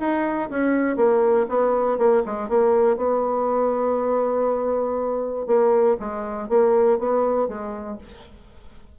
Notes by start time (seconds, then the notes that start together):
0.00 D#4
0.50 C#4
0.97 A#3
1.49 B3
1.98 A#3
2.26 G#3
2.49 A#3
2.97 B3
5.47 A#3
6.00 G#3
6.49 A#3
6.99 B3
7.49 G#3